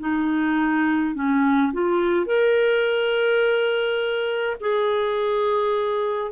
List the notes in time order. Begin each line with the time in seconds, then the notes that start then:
0.00 D#4
1.15 C#4
1.73 F4
2.27 A#4
4.61 G#4